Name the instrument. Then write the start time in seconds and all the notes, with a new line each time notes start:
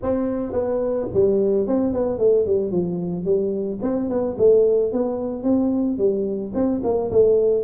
tuba
0.02 C4
0.52 B3
1.13 G3
1.67 C4
1.93 B3
2.18 A3
2.46 G3
2.71 F3
3.24 G3
3.82 C4
4.09 B3
4.38 A3
4.92 B3
5.43 C4
5.98 G3
6.54 C4
6.83 A#3
7.11 A3